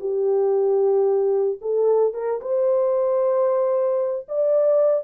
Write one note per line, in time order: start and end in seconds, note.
0.00 1.59 G4
1.61 2.14 A4
2.14 2.40 A#4
2.41 4.27 C5
4.28 5.04 D5